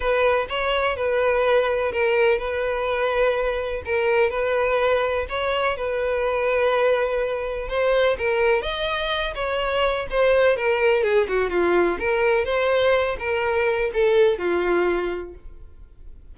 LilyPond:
\new Staff \with { instrumentName = "violin" } { \time 4/4 \tempo 4 = 125 b'4 cis''4 b'2 | ais'4 b'2. | ais'4 b'2 cis''4 | b'1 |
c''4 ais'4 dis''4. cis''8~ | cis''4 c''4 ais'4 gis'8 fis'8 | f'4 ais'4 c''4. ais'8~ | ais'4 a'4 f'2 | }